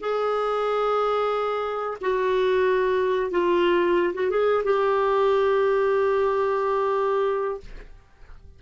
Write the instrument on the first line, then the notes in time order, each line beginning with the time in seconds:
clarinet
0.00 G#4
2.01 F#4
3.31 F4
4.14 F#4
4.30 G#4
4.64 G4